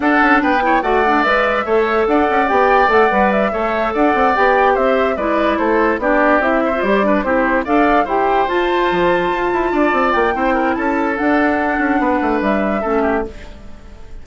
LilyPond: <<
  \new Staff \with { instrumentName = "flute" } { \time 4/4 \tempo 4 = 145 fis''4 g''4 fis''4 e''4~ | e''4 fis''4 g''4 fis''4 | e''4. fis''4 g''4 e''8~ | e''8 d''4 c''4 d''4 e''8~ |
e''8 d''4 c''4 f''4 g''8~ | g''8 a''2.~ a''8~ | a''8 g''4. a''4 fis''4~ | fis''2 e''2 | }
  \new Staff \with { instrumentName = "oboe" } { \time 4/4 a'4 b'8 cis''8 d''2 | cis''4 d''2.~ | d''8 cis''4 d''2 c''8~ | c''8 b'4 a'4 g'4. |
c''4 b'8 g'4 d''4 c''8~ | c''2.~ c''8 d''8~ | d''4 c''8 ais'8 a'2~ | a'4 b'2 a'8 g'8 | }
  \new Staff \with { instrumentName = "clarinet" } { \time 4/4 d'4. e'8 fis'8 d'8 b'4 | a'2 g'4 a'8 b'8~ | b'8 a'2 g'4.~ | g'8 e'2 d'4 e'8~ |
e'16 f'16 g'8 d'8 e'4 a'4 g'8~ | g'8 f'2.~ f'8~ | f'4 e'2 d'4~ | d'2. cis'4 | }
  \new Staff \with { instrumentName = "bassoon" } { \time 4/4 d'8 cis'8 b4 a4 gis4 | a4 d'8 cis'8 b4 a8 g8~ | g8 a4 d'8 c'8 b4 c'8~ | c'8 gis4 a4 b4 c'8~ |
c'8 g4 c'4 d'4 e'8~ | e'8 f'4 f4 f'8 e'8 d'8 | c'8 ais8 c'4 cis'4 d'4~ | d'8 cis'8 b8 a8 g4 a4 | }
>>